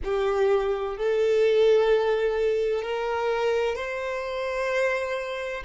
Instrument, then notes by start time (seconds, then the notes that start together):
violin
0.04 G4
0.97 A4
2.82 A#4
3.75 C5